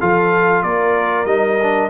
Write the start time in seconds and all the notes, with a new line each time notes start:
0.00 F3 F4 A4 F5
0.63 A#3 A#4 D5
1.25 G3 D#4 D#5
1.62 D4